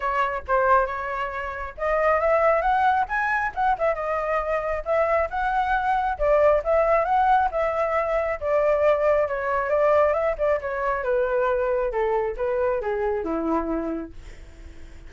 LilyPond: \new Staff \with { instrumentName = "flute" } { \time 4/4 \tempo 4 = 136 cis''4 c''4 cis''2 | dis''4 e''4 fis''4 gis''4 | fis''8 e''8 dis''2 e''4 | fis''2 d''4 e''4 |
fis''4 e''2 d''4~ | d''4 cis''4 d''4 e''8 d''8 | cis''4 b'2 a'4 | b'4 gis'4 e'2 | }